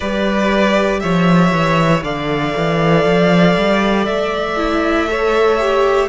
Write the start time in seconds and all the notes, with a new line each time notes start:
0.00 G3 G4 B4 D5
1.00 F3 C#5 E5
1.51 E3
2.03 D3 A4 D5 F5
2.56 E3
3.04 F3
3.56 G3
4.05 A3 E5
4.57 E4
5.08 A4 C#5
5.58 G4